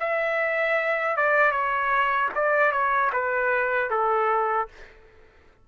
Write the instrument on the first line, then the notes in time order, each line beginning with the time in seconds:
trumpet
0.00 E5
1.17 D5
1.52 C#5
2.35 D5
2.72 C#5
3.13 B4
3.91 A4